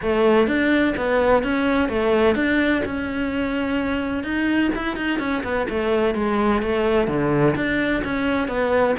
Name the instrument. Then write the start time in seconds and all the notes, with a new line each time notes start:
cello
0.02 A3
0.47 D4
0.96 B3
1.43 C#4
1.89 A3
2.35 D4
2.85 C#4
4.23 D#4
4.75 E4
4.96 D#4
5.19 C#4
5.43 B3
5.69 A3
6.15 G#3
6.62 A3
7.07 D3
7.55 D4
8.04 C#4
8.48 B3